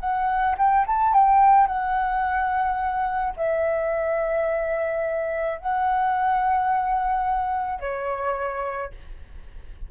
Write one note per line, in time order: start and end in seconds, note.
0.00 0.56 F#5
0.58 0.85 G5
0.87 1.13 A5
1.13 1.67 G5
1.67 3.34 F#5
3.36 5.59 E5
5.59 7.80 F#5
7.80 8.91 C#5